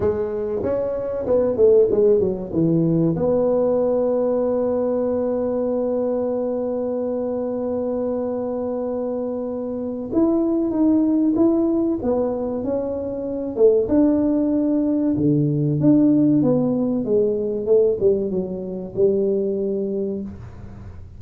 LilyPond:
\new Staff \with { instrumentName = "tuba" } { \time 4/4 \tempo 4 = 95 gis4 cis'4 b8 a8 gis8 fis8 | e4 b2.~ | b1~ | b1 |
e'4 dis'4 e'4 b4 | cis'4. a8 d'2 | d4 d'4 b4 gis4 | a8 g8 fis4 g2 | }